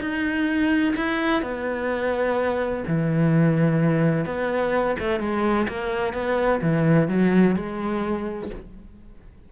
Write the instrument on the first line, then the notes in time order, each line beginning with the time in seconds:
cello
0.00 D#4
0.96 E4
1.42 B3
2.88 E3
4.25 B3
4.99 A3
5.20 G#3
5.68 A#3
6.14 B3
6.62 E3
7.08 F#3
7.56 G#3